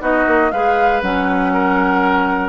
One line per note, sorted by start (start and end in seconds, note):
0.00 0.26 B3
0.00 0.50 D#4
0.00 0.51 F#4
0.00 0.51 D#5
0.26 0.51 A#3
0.51 1.02 G#3
0.51 1.02 G#4
0.51 1.53 B4
0.51 1.01 F5
1.02 2.49 F#3
1.02 2.49 C#4
1.02 2.49 F#5
1.53 2.49 A#4